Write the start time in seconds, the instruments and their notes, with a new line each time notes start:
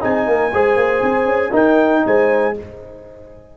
0.00 tuba C4, trombone D#4, horn G#4, trumpet G#5
0.27 tuba A#3, horn A#4
0.53 tuba G#3, trombone G#4, horn C5
0.75 tuba A#3
1.02 tuba C4
1.25 tuba C#4
1.51 trombone D#4, tuba D#4, horn A#4, trumpet G5
2.06 tuba G#3, horn C5, trumpet G#5